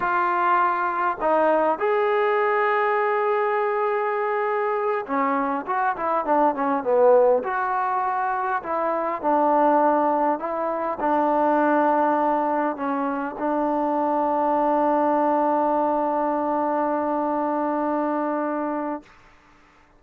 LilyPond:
\new Staff \with { instrumentName = "trombone" } { \time 4/4 \tempo 4 = 101 f'2 dis'4 gis'4~ | gis'1~ | gis'8 cis'4 fis'8 e'8 d'8 cis'8 b8~ | b8 fis'2 e'4 d'8~ |
d'4. e'4 d'4.~ | d'4. cis'4 d'4.~ | d'1~ | d'1 | }